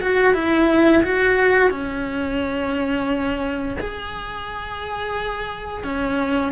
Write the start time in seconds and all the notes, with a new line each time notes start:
0.00 F#4
0.34 E4
1.03 F#4
1.70 C#4
3.80 G#4
5.84 C#4